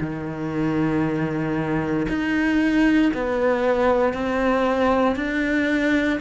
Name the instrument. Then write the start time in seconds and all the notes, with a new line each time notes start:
cello
0.00 D#3
2.08 D#4
3.13 B3
4.13 C4
5.15 D4